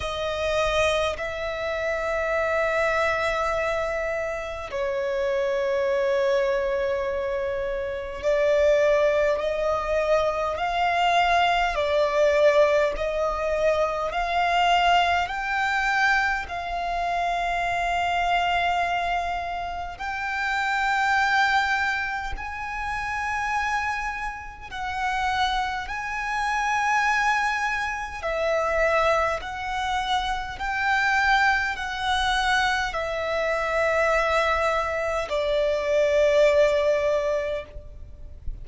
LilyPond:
\new Staff \with { instrumentName = "violin" } { \time 4/4 \tempo 4 = 51 dis''4 e''2. | cis''2. d''4 | dis''4 f''4 d''4 dis''4 | f''4 g''4 f''2~ |
f''4 g''2 gis''4~ | gis''4 fis''4 gis''2 | e''4 fis''4 g''4 fis''4 | e''2 d''2 | }